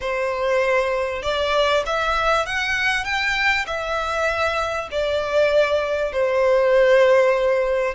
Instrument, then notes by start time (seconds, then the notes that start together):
violin
0.00 C5
1.22 D5
1.86 E5
2.45 F#5
3.04 G5
3.66 E5
4.91 D5
6.12 C5